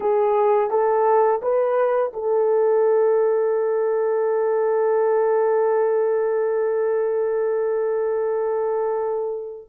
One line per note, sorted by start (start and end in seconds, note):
0.00 0.70 G#4
0.70 1.41 A4
1.41 2.12 B4
2.13 9.69 A4